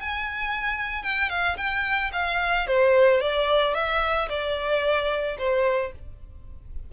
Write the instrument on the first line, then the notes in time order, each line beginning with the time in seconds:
violin
0.00 G#5
1.03 G5
1.29 F5
1.57 G5
2.13 F5
2.67 C5
3.20 D5
3.74 E5
4.29 D5
5.38 C5